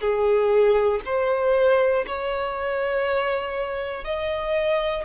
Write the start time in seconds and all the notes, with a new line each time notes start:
0.00 G#4
1.05 C5
2.06 C#5
4.04 D#5